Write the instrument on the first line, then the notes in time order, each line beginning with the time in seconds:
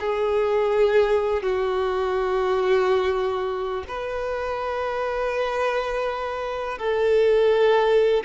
violin
0.00 G#4
1.43 F#4
3.88 B4
6.78 A4